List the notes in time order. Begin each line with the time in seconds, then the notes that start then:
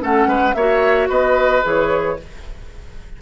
0.00 A3 C#4 A4 F#5
0.27 G#3 B4
0.54 A#3 F#4 C#5 E5
1.09 B3 B4 D#5
1.62 E3 G#4 C#5